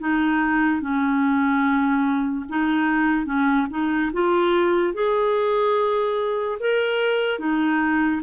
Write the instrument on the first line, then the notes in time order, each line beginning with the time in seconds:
clarinet
0.00 D#4
0.81 C#4
2.49 D#4
3.26 C#4
3.70 D#4
4.13 F4
4.94 G#4
6.60 A#4
7.39 D#4